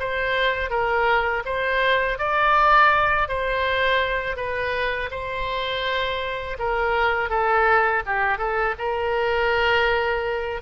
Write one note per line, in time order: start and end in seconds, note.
0.00 0.71 C5
0.71 1.44 A#4
1.46 2.19 C5
2.19 3.29 D5
3.29 4.37 C5
4.37 5.10 B4
5.11 6.58 C5
6.59 7.30 A#4
7.30 8.03 A4
8.06 8.38 G4
8.38 8.75 A4
8.79 10.62 A#4